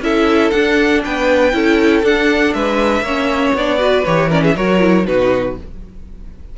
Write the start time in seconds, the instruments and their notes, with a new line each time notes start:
0.00 cello C#4, viola E4, violin A4 E5
0.50 cello D4, viola D4, violin F#5
1.04 cello B3, violin B4 G5
1.52 cello C#4, viola E4, violin A4
2.02 viola D4, cello D4, violin F#5
2.53 cello G#3, violin B4 E5
3.01 cello A#3, viola C#4, violin C#5
3.53 cello B3, viola D4, violin D5
3.78 viola F#4, violin B4
4.05 cello E3, viola G4, violin C#5
4.28 viola C#4, violin A#4 D5
4.42 violin G#4 E5
4.55 cello F#3, viola F#4, violin A#4 C#5
4.80 viola E4
5.06 cello B2, viola D#4, violin F#4 B4